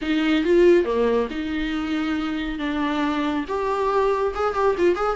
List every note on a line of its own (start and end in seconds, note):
0.01 0.44 D#4
0.44 0.85 F4
0.85 1.28 A#3
1.30 2.58 D#4
2.58 3.45 D4
3.48 4.34 G4
4.34 4.54 G#4
4.54 4.75 G4
4.78 4.95 F4
4.95 5.16 G#4